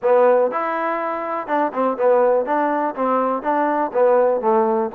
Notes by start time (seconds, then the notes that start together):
0.02 B3
0.51 E4
1.47 D4
1.73 C4
1.97 B3
2.45 D4
2.95 C4
3.42 D4
3.93 B3
4.41 A3